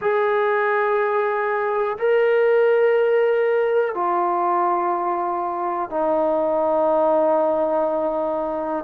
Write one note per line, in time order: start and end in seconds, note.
0.00 1.97 G#4
1.98 3.94 A#4
3.94 5.90 F4
5.90 8.84 D#4